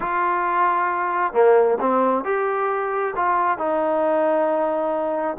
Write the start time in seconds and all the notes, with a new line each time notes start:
0.00 F4
1.33 A#3
1.80 C4
2.24 G4
3.15 F4
3.58 D#4